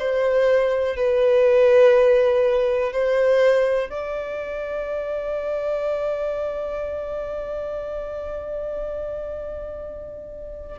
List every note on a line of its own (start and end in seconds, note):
0.00 0.97 C5
0.97 2.93 B4
2.93 3.90 C5
3.90 10.79 D5